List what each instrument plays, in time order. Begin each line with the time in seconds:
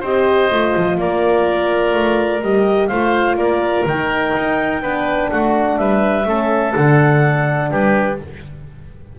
0.00 double bass C4, horn G4, oboe C5, clarinet D#5
0.51 double bass A3, horn F4
0.77 double bass F3
0.98 double bass A#3, oboe A#4, clarinet D5
1.94 double bass A3
2.42 double bass G3, horn G4, clarinet D#5
2.88 double bass A3, horn F4, oboe C5, clarinet F5
3.36 double bass A#3, oboe A#4, clarinet D5
3.86 double bass D#3, horn D#4, clarinet G5
4.37 double bass D#4
4.82 double bass B3, horn D4, oboe B4
5.30 double bass A3, oboe F#4, clarinet F#5
5.77 double bass G3, oboe B4, clarinet E5
6.25 double bass A3, horn C#4, oboe A4
6.74 double bass D3, horn D4, clarinet F#5
7.71 double bass G3, oboe G4, clarinet B4